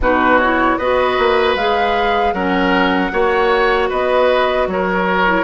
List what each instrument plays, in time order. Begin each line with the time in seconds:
0.00 bassoon B2, clarinet D#4, oboe F#4, flute B4
0.38 clarinet E4, flute C#5
0.77 bassoon B3, clarinet F#4, oboe B4, flute D#5
1.18 bassoon A#3
1.55 bassoon G#3, clarinet G#4, flute F5
2.33 bassoon F#3, clarinet C#4, oboe A#4, flute F#5
3.10 bassoon A#3, clarinet F#4, oboe C#5
3.89 bassoon B3, oboe B4, flute D#5
4.67 bassoon F#3, oboe A#4, flute C#5
5.25 clarinet E4